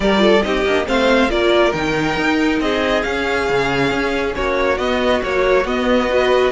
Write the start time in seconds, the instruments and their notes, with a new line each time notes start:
0.00 cello G3, viola G4, violin A#4 D5
0.17 viola F4, violin A4
0.41 cello C4, viola D#4, violin G4 D#5
0.64 cello A#3, viola D4
0.85 cello A3, viola C4, violin C5 F5
1.28 cello A#3, viola F4, violin A#4 D5
1.72 cello D#3, viola D#4, violin G5
2.16 cello D#4
2.60 cello C4, violin G#4 D#5
3.02 viola C#4, cello C#4, violin F5
3.50 cello C#3
3.91 cello C#4
4.35 cello A#3, violin F#4 C#5
4.77 cello B3, viola B3, violin D#5
5.22 viola F#3, cello A#3, violin C#5
5.64 cello B3, viola B3, violin D#5
6.09 viola F#4, violin B4